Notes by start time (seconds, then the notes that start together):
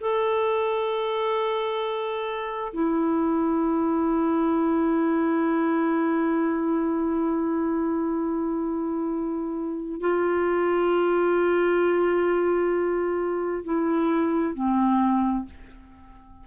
0.00 A4
2.73 E4
10.00 F4
13.64 E4
14.54 C4